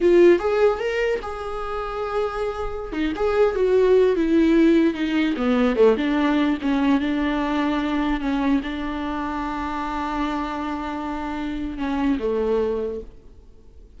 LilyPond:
\new Staff \with { instrumentName = "viola" } { \time 4/4 \tempo 4 = 148 f'4 gis'4 ais'4 gis'4~ | gis'2.~ gis'16 dis'8 gis'16~ | gis'8. fis'4. e'4.~ e'16~ | e'16 dis'4 b4 a8 d'4~ d'16~ |
d'16 cis'4 d'2~ d'8.~ | d'16 cis'4 d'2~ d'8.~ | d'1~ | d'4 cis'4 a2 | }